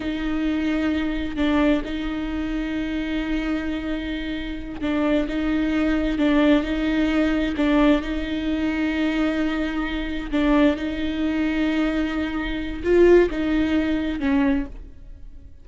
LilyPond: \new Staff \with { instrumentName = "viola" } { \time 4/4 \tempo 4 = 131 dis'2. d'4 | dis'1~ | dis'2~ dis'8 d'4 dis'8~ | dis'4. d'4 dis'4.~ |
dis'8 d'4 dis'2~ dis'8~ | dis'2~ dis'8 d'4 dis'8~ | dis'1 | f'4 dis'2 cis'4 | }